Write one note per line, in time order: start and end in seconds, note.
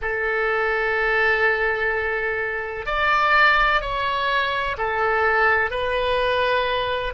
0.01 2.86 A4
2.86 3.81 D5
3.81 4.76 C#5
4.77 5.70 A4
5.70 7.13 B4